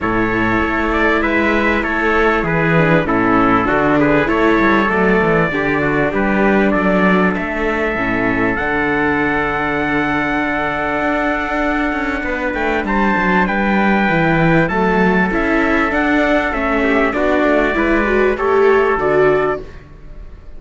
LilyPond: <<
  \new Staff \with { instrumentName = "trumpet" } { \time 4/4 \tempo 4 = 98 cis''4. d''8 e''4 cis''4 | b'4 a'4. b'8 cis''4 | d''2 b'4 d''4 | e''2 fis''2~ |
fis''1~ | fis''8 g''8 a''4 g''2 | a''4 e''4 fis''4 e''4 | d''2 cis''4 d''4 | }
  \new Staff \with { instrumentName = "trumpet" } { \time 4/4 a'2 b'4 a'4 | gis'4 e'4 fis'8 gis'8 a'4~ | a'4 g'8 fis'8 g'4 a'4~ | a'1~ |
a'1 | b'4 c''4 b'2 | a'2.~ a'8 g'8 | fis'4 b'4 a'2 | }
  \new Staff \with { instrumentName = "viola" } { \time 4/4 e'1~ | e'8 d'8 cis'4 d'4 e'4 | a4 d'2.~ | d'4 cis'4 d'2~ |
d'1~ | d'2. e'4 | a4 e'4 d'4 cis'4 | d'4 e'8 fis'8 g'4 fis'4 | }
  \new Staff \with { instrumentName = "cello" } { \time 4/4 a,4 a4 gis4 a4 | e4 a,4 d4 a8 g8 | fis8 e8 d4 g4 fis4 | a4 a,4 d2~ |
d2 d'4. cis'8 | b8 a8 g8 fis8 g4 e4 | fis4 cis'4 d'4 a4 | b8 a8 gis4 a4 d4 | }
>>